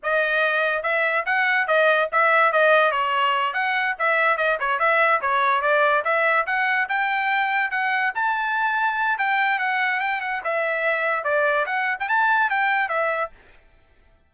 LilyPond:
\new Staff \with { instrumentName = "trumpet" } { \time 4/4 \tempo 4 = 144 dis''2 e''4 fis''4 | dis''4 e''4 dis''4 cis''4~ | cis''8 fis''4 e''4 dis''8 cis''8 e''8~ | e''8 cis''4 d''4 e''4 fis''8~ |
fis''8 g''2 fis''4 a''8~ | a''2 g''4 fis''4 | g''8 fis''8 e''2 d''4 | fis''8. g''16 a''4 g''4 e''4 | }